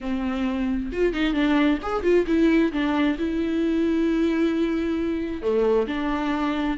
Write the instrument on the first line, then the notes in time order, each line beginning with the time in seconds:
viola
0.00 C4
0.92 F4
1.13 D#4
1.33 D4
1.82 G#4
2.03 F4
2.26 E4
2.72 D4
3.18 E4
5.41 A3
5.87 D4